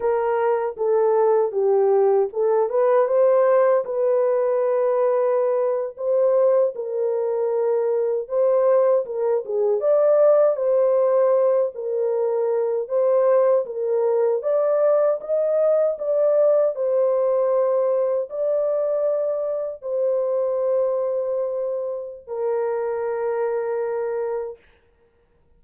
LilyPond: \new Staff \with { instrumentName = "horn" } { \time 4/4 \tempo 4 = 78 ais'4 a'4 g'4 a'8 b'8 | c''4 b'2~ b'8. c''16~ | c''8. ais'2 c''4 ais'16~ | ais'16 gis'8 d''4 c''4. ais'8.~ |
ais'8. c''4 ais'4 d''4 dis''16~ | dis''8. d''4 c''2 d''16~ | d''4.~ d''16 c''2~ c''16~ | c''4 ais'2. | }